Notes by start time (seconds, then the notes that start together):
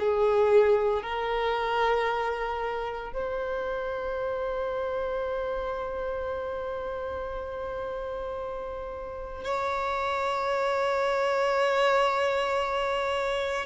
0.00 G#4
1.03 A#4
3.13 C5
9.45 C#5